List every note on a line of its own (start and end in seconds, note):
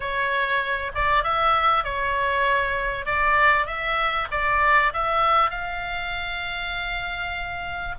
0.00 0.91 C#5
0.94 1.23 D5
1.23 1.84 E5
1.84 3.05 C#5
3.05 3.66 D5
3.66 4.27 E5
4.31 4.92 D5
4.93 5.50 E5
5.50 7.95 F5